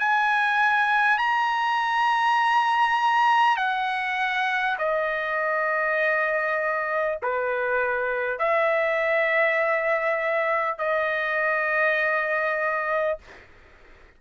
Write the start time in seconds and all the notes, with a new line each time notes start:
0.00 G#5
1.19 A#5
3.57 F#5
4.79 D#5
7.23 B4
8.39 E5
10.79 D#5